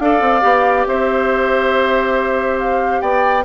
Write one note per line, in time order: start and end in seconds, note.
0.00 0.21 D4
0.00 0.42 A4
0.00 0.88 D5
0.00 0.86 F5
0.21 0.42 C4
0.42 0.87 B3
0.42 3.44 G4
0.87 3.02 C4
0.87 3.02 C5
0.87 2.59 E5
2.59 3.02 F5
3.02 3.45 B3
3.02 3.45 D5
3.02 3.45 G5